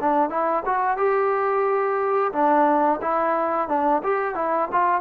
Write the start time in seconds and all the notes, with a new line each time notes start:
0.00 D4
0.29 E4
0.65 F#4
0.97 G4
2.32 D4
3.01 E4
3.68 D4
4.03 G4
4.35 E4
4.72 F4